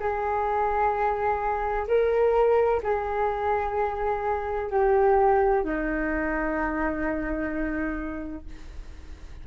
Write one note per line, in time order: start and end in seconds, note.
0.00 1.87 G#4
1.88 2.82 A#4
2.83 4.70 G#4
4.71 5.65 G4
5.65 8.46 D#4